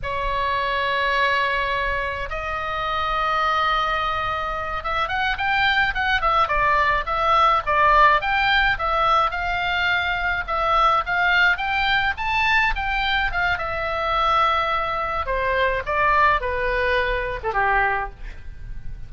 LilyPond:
\new Staff \with { instrumentName = "oboe" } { \time 4/4 \tempo 4 = 106 cis''1 | dis''1~ | dis''8 e''8 fis''8 g''4 fis''8 e''8 d''8~ | d''8 e''4 d''4 g''4 e''8~ |
e''8 f''2 e''4 f''8~ | f''8 g''4 a''4 g''4 f''8 | e''2. c''4 | d''4 b'4.~ b'16 a'16 g'4 | }